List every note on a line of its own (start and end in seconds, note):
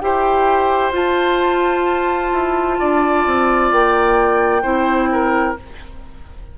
0.00 0.92 E4
0.00 0.92 G4
0.00 2.79 C5
0.00 0.92 G5
0.92 2.30 F4
0.92 4.62 F4
0.92 3.72 A5
2.32 2.78 E4
2.79 3.26 D4
2.79 4.62 D5
3.26 3.72 C4
3.72 4.64 A#3
3.72 5.57 G5
4.62 5.56 C4
4.62 5.56 E4
4.62 5.08 C5
5.12 5.58 A#4